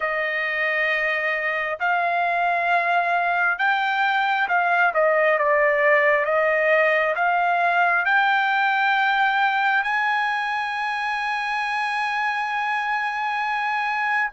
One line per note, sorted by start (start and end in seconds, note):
0.00 1.79 D#5
1.79 3.58 F5
3.58 4.48 G5
4.48 4.93 F5
4.93 5.38 D#5
5.38 6.25 D5
6.25 7.14 D#5
7.15 8.05 F5
8.05 9.83 G5
9.83 14.31 G#5